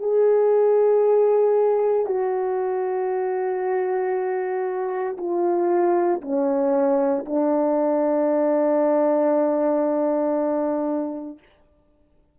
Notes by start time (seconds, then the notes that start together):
0.00 G#4
2.06 F#4
5.18 F4
6.22 C#4
7.26 D4